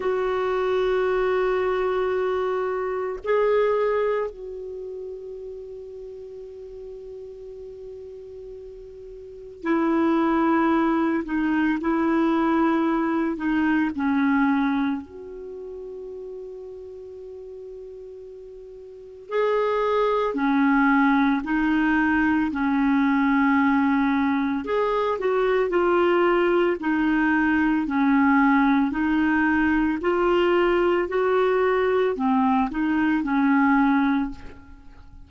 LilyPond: \new Staff \with { instrumentName = "clarinet" } { \time 4/4 \tempo 4 = 56 fis'2. gis'4 | fis'1~ | fis'4 e'4. dis'8 e'4~ | e'8 dis'8 cis'4 fis'2~ |
fis'2 gis'4 cis'4 | dis'4 cis'2 gis'8 fis'8 | f'4 dis'4 cis'4 dis'4 | f'4 fis'4 c'8 dis'8 cis'4 | }